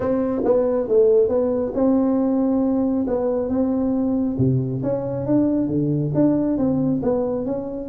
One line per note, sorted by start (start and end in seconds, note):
0.00 0.42 C4
0.44 0.88 B3
0.88 1.28 A3
1.28 1.72 B3
1.74 3.06 C4
3.07 3.48 B3
3.48 4.36 C4
4.38 4.82 C3
4.83 5.26 C#4
5.26 5.67 D4
5.67 6.11 D3
6.14 6.57 D4
6.57 7.01 C4
7.02 7.45 B3
7.45 7.89 C#4